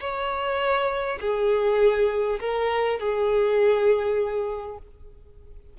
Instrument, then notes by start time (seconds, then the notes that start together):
violin
0.00 C#5
1.20 G#4
2.40 A#4
2.99 G#4